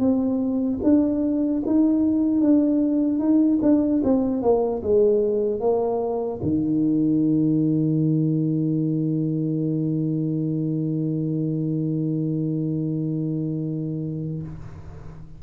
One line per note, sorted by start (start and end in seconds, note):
0.00 0.80 C4
0.84 1.64 D4
1.67 2.41 D#4
2.41 3.19 D4
3.19 3.59 D#4
3.63 4.03 D4
4.04 4.43 C4
4.43 4.83 A#3
4.83 5.60 G#3
5.60 6.40 A#3
6.43 14.43 D#3